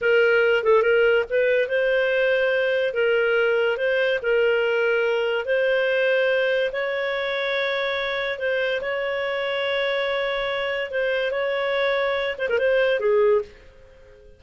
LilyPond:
\new Staff \with { instrumentName = "clarinet" } { \time 4/4 \tempo 4 = 143 ais'4. a'8 ais'4 b'4 | c''2. ais'4~ | ais'4 c''4 ais'2~ | ais'4 c''2. |
cis''1 | c''4 cis''2.~ | cis''2 c''4 cis''4~ | cis''4. c''16 ais'16 c''4 gis'4 | }